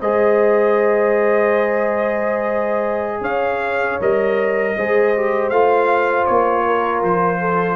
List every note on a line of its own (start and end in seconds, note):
0.00 3.21 G#3
0.00 4.01 G#4
0.00 3.22 C5
0.00 3.23 D#5
3.21 3.97 C#4
3.21 4.73 C#5
3.21 3.99 F5
4.00 4.76 G3
4.00 4.77 A#4
4.00 5.50 D#5
4.77 5.50 G#3
4.77 5.15 G#4
4.77 6.66 C5
5.16 5.53 G4
5.50 6.26 A3
5.50 7.76 F4
5.50 6.25 F5
6.26 7.03 A#3
6.26 7.02 C#5
6.66 7.40 A#4
7.03 7.76 F3
7.03 7.76 C5
7.40 7.76 A4